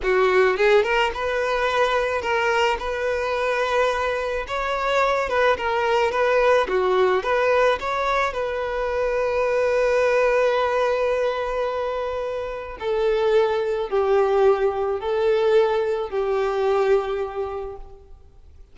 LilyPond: \new Staff \with { instrumentName = "violin" } { \time 4/4 \tempo 4 = 108 fis'4 gis'8 ais'8 b'2 | ais'4 b'2. | cis''4. b'8 ais'4 b'4 | fis'4 b'4 cis''4 b'4~ |
b'1~ | b'2. a'4~ | a'4 g'2 a'4~ | a'4 g'2. | }